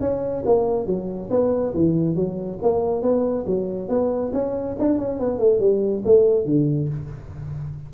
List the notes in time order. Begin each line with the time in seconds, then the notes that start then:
0.00 C#4
0.45 A#3
0.86 F#3
1.30 B3
1.74 E3
2.15 F#3
2.62 A#3
3.02 B3
3.47 F#3
3.88 B3
4.33 C#4
4.79 D4
4.98 C#4
5.19 B3
5.38 A3
5.60 G3
6.05 A3
6.45 D3